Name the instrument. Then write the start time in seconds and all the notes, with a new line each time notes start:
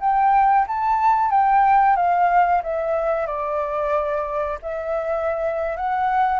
flute
0.00 G5
0.67 A5
1.30 G5
1.96 F5
2.63 E5
3.26 D5
4.62 E5
5.76 F#5